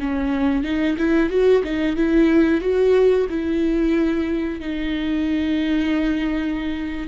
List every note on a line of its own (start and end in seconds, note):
0.00 0.64 C#4
0.64 0.97 D#4
0.98 1.30 E4
1.30 1.63 F#4
1.64 1.96 D#4
1.96 2.61 E4
2.61 3.27 F#4
3.29 4.60 E4
4.60 7.08 D#4